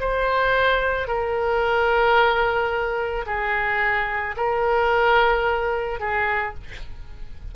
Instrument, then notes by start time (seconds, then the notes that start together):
oboe
0.00 C5
1.08 A#4
3.27 G#4
4.37 A#4
6.00 G#4